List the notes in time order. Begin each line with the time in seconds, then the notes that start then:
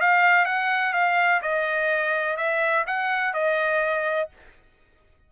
0.00 F5
0.45 F#5
0.93 F5
1.42 D#5
2.36 E5
2.86 F#5
3.33 D#5